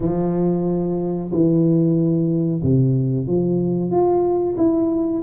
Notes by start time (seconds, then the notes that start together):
0.00 F3
1.31 E3
2.63 C3
3.26 F3
3.90 F4
4.57 E4